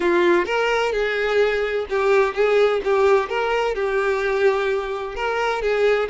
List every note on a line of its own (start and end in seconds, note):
0.00 0.45 F4
0.45 0.92 A#4
0.92 1.86 G#4
1.89 2.34 G4
2.34 2.81 G#4
2.84 3.29 G4
3.29 3.74 A#4
3.74 5.15 G4
5.15 5.62 A#4
5.62 6.09 G#4